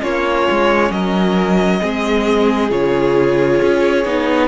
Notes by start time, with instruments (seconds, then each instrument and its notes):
0.00 cello A#3, viola C#4, violin F4 C#5
0.51 cello G#3
0.91 cello F#3, violin A#4 D#5
1.80 cello G#3, viola C4, violin G#4
2.70 cello C#3, viola F4, violin C#5
3.62 cello C#4
4.05 cello B3, viola D#4